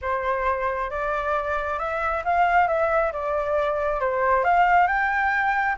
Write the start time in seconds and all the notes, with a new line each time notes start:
0.01 C5
0.90 D5
1.79 E5
2.24 F5
2.67 E5
3.12 D5
4.00 C5
4.43 F5
4.87 G5